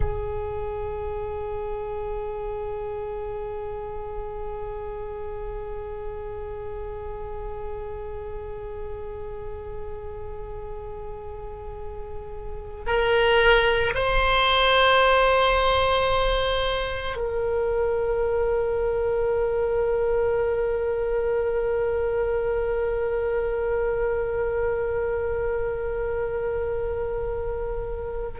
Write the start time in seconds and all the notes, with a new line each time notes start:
0.00 G#4
12.86 A#4
13.94 C5
17.16 A#4